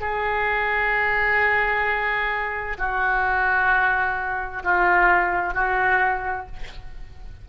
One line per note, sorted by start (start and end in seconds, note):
0.00 2.77 G#4
2.78 4.62 F#4
4.63 5.53 F4
5.53 6.46 F#4